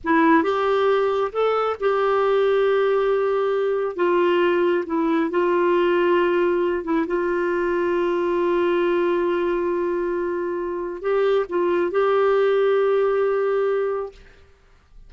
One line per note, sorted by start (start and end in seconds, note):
0.04 0.43 E4
0.43 1.31 G4
1.32 1.76 A4
1.79 3.96 G4
3.96 4.84 F4
4.86 5.30 E4
5.30 6.84 F4
6.84 7.06 E4
7.06 11.01 F4
11.01 11.45 G4
11.49 11.91 F4
11.91 14.12 G4